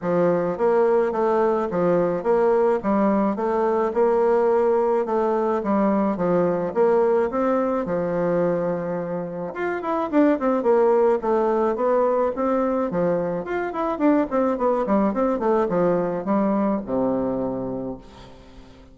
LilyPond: \new Staff \with { instrumentName = "bassoon" } { \time 4/4 \tempo 4 = 107 f4 ais4 a4 f4 | ais4 g4 a4 ais4~ | ais4 a4 g4 f4 | ais4 c'4 f2~ |
f4 f'8 e'8 d'8 c'8 ais4 | a4 b4 c'4 f4 | f'8 e'8 d'8 c'8 b8 g8 c'8 a8 | f4 g4 c2 | }